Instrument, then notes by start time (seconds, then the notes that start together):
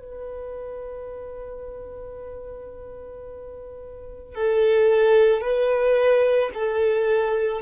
violin
0.00 B4
4.35 A4
5.41 B4
6.54 A4